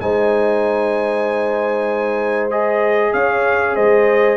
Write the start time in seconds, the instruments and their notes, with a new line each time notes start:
0.00 tuba G#3, trombone D#4, horn C5, trumpet G#5
2.51 trombone G#4, trumpet D#5
3.13 tuba C#4, horn C#5, trumpet F5
3.75 tuba G#3, horn C5, trumpet D#5